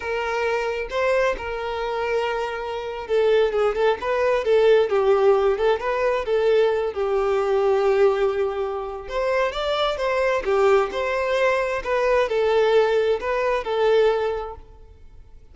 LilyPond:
\new Staff \with { instrumentName = "violin" } { \time 4/4 \tempo 4 = 132 ais'2 c''4 ais'4~ | ais'2~ ais'8. a'4 gis'16~ | gis'16 a'8 b'4 a'4 g'4~ g'16~ | g'16 a'8 b'4 a'4. g'8.~ |
g'1 | c''4 d''4 c''4 g'4 | c''2 b'4 a'4~ | a'4 b'4 a'2 | }